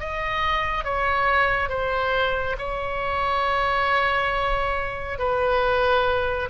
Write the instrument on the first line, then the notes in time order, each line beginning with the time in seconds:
oboe
0.00 D#5
0.84 C#5
1.69 C5
2.58 C#5
5.19 B4